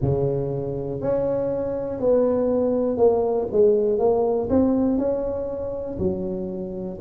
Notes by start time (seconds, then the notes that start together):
0.01 C#3
1.01 C#4
2.00 B3
2.97 A#3
3.51 G#3
3.99 A#3
4.49 C4
4.98 C#4
5.98 F#3